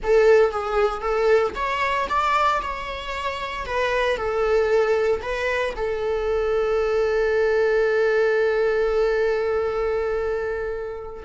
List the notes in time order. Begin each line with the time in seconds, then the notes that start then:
0.03 A4
0.51 G#4
1.01 A4
1.55 C#5
2.09 D5
2.61 C#5
3.66 B4
4.16 A4
5.22 B4
5.76 A4